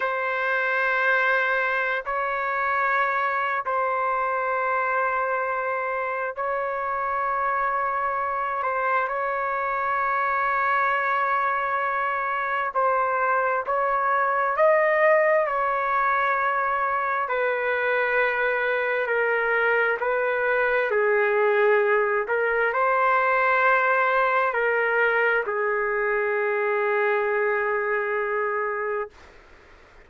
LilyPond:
\new Staff \with { instrumentName = "trumpet" } { \time 4/4 \tempo 4 = 66 c''2~ c''16 cis''4.~ cis''16 | c''2. cis''4~ | cis''4. c''8 cis''2~ | cis''2 c''4 cis''4 |
dis''4 cis''2 b'4~ | b'4 ais'4 b'4 gis'4~ | gis'8 ais'8 c''2 ais'4 | gis'1 | }